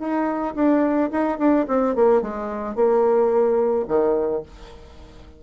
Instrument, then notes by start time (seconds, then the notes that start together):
bassoon
0.00 D#4
0.56 D4
1.12 D#4
1.39 D4
1.68 C4
1.96 A#3
2.22 G#3
2.76 A#3
3.88 D#3